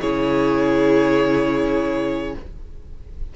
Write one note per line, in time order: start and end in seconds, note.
0.00 2.35 C#3
0.00 2.36 E4
0.00 2.34 G#4
0.00 2.35 C#5